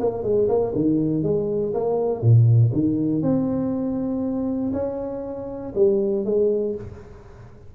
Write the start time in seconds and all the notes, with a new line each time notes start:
0.00 A#3
0.23 G#3
0.48 A#3
0.75 D#3
1.23 G#3
1.74 A#3
2.21 A#2
2.73 D#3
3.22 C4
4.73 C#4
5.75 G3
6.25 G#3